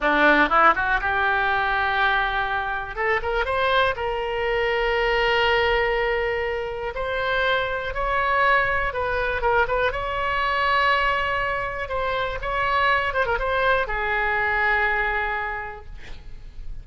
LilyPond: \new Staff \with { instrumentName = "oboe" } { \time 4/4 \tempo 4 = 121 d'4 e'8 fis'8 g'2~ | g'2 a'8 ais'8 c''4 | ais'1~ | ais'2 c''2 |
cis''2 b'4 ais'8 b'8 | cis''1 | c''4 cis''4. c''16 ais'16 c''4 | gis'1 | }